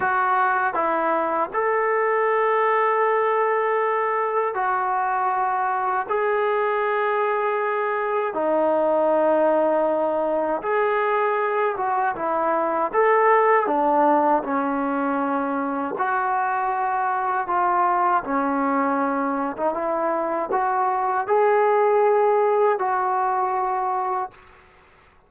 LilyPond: \new Staff \with { instrumentName = "trombone" } { \time 4/4 \tempo 4 = 79 fis'4 e'4 a'2~ | a'2 fis'2 | gis'2. dis'4~ | dis'2 gis'4. fis'8 |
e'4 a'4 d'4 cis'4~ | cis'4 fis'2 f'4 | cis'4.~ cis'16 dis'16 e'4 fis'4 | gis'2 fis'2 | }